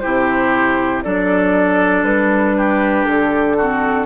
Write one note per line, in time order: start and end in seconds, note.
0.00 1.06 C3
0.00 1.04 E4
0.00 1.04 G4
0.00 1.02 C5
1.03 2.03 F#3
1.03 3.59 D4
1.03 2.57 A4
1.03 2.05 D5
2.03 3.05 G3
2.03 3.06 B4
2.57 3.57 G4
3.06 4.06 D3
3.06 4.06 A4
3.57 4.06 C4
3.57 4.06 F#4